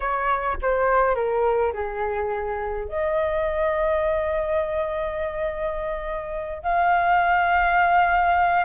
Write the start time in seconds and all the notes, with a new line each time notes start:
0.00 C#5
0.61 C5
1.15 A#4
1.73 G#4
2.88 D#5
6.62 F5